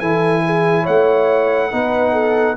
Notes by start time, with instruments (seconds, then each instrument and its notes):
0.00 tuba E3, trombone E4, horn A4, trumpet G#5
0.46 horn G#4
0.83 tuba A3, horn C#5, trumpet F#5
1.72 tuba B3, trombone D#4, horn B4
2.13 horn A4